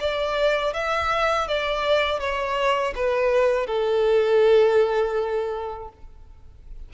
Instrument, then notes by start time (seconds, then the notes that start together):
violin
0.00 D5
0.74 E5
1.48 D5
2.20 C#5
2.96 B4
3.67 A4